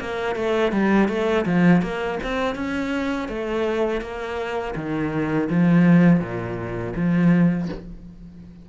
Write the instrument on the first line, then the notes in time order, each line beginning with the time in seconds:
cello
0.00 A#3
0.36 A3
0.72 G3
1.09 A3
1.46 F3
1.82 A#3
2.24 C4
2.55 C#4
3.29 A3
4.01 A#3
4.76 D#3
5.50 F3
6.20 A#2
6.95 F3